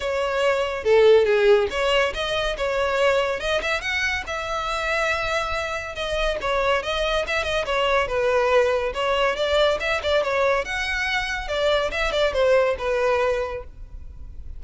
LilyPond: \new Staff \with { instrumentName = "violin" } { \time 4/4 \tempo 4 = 141 cis''2 a'4 gis'4 | cis''4 dis''4 cis''2 | dis''8 e''8 fis''4 e''2~ | e''2 dis''4 cis''4 |
dis''4 e''8 dis''8 cis''4 b'4~ | b'4 cis''4 d''4 e''8 d''8 | cis''4 fis''2 d''4 | e''8 d''8 c''4 b'2 | }